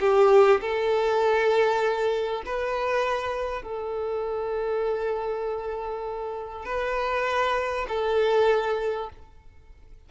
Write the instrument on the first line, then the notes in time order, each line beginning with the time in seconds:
violin
0.00 G4
0.61 A4
2.45 B4
3.62 A4
6.65 B4
7.88 A4